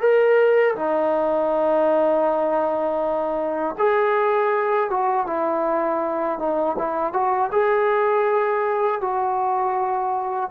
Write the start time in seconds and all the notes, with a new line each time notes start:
0.00 A#4
0.75 D#4
3.78 G#4
4.90 F#4
5.27 E4
6.39 D#4
6.78 E4
7.13 F#4
7.52 G#4
9.01 F#4